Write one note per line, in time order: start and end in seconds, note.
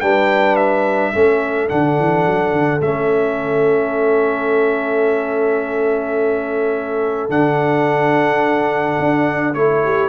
0.00 1.14 G3
0.00 1.13 D4
0.00 1.12 B4
0.00 0.56 G5
0.56 1.68 E5
1.13 1.71 A3
1.13 1.69 C#4
1.13 9.82 A4
1.69 1.99 D3
1.69 2.81 D4
1.69 2.81 F#5
1.99 2.26 E3
2.26 2.52 F#3
2.52 2.80 D3
2.81 7.29 A3
2.81 7.30 C#4
2.81 7.30 E5
7.29 8.97 D3
7.29 9.54 D4
7.29 9.54 F#5
8.99 9.55 D4
9.54 10.09 A3
9.54 10.09 E4
9.54 10.09 C#5
9.83 10.09 G4